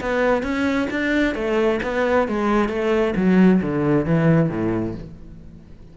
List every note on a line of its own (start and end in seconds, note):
0.00 0.42 B3
0.42 0.87 C#4
0.90 1.35 D4
1.35 1.80 A3
1.82 2.27 B3
2.28 2.69 G#3
2.69 3.14 A3
3.16 3.61 F#3
3.61 4.05 D3
4.05 4.49 E3
4.49 4.94 A2